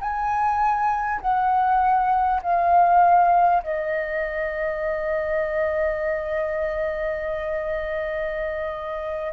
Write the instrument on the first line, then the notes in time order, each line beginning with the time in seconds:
flute
0.00 G#5
1.21 F#5
2.42 F5
3.63 D#5